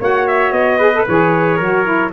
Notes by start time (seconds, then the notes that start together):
0.00 A#3 F#4 C#5 F#5
0.28 E5
0.52 B3 D#5
0.79 G#4 B4
0.94 A4
1.08 E3 G#4 C#5
1.57 F#3 F#4 A#4
1.85 E4